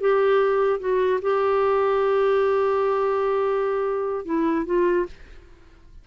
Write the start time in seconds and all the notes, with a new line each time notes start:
0.00 G4
0.79 F#4
1.21 G4
4.25 E4
4.65 F4